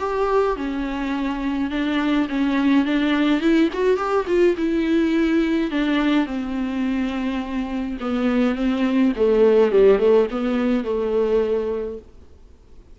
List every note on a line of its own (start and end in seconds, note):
0.00 0.57 G4
0.57 1.71 C#4
1.71 2.28 D4
2.29 2.86 C#4
2.86 3.41 D4
3.41 3.70 E4
3.74 3.97 F#4
3.97 4.26 G4
4.28 4.56 F4
4.58 5.71 E4
5.71 6.26 D4
6.26 7.98 C4
8.01 8.56 B3
8.56 9.13 C4
9.17 9.72 A3
9.72 9.99 G3
9.99 10.28 A3
10.31 10.84 B3
10.84 11.99 A3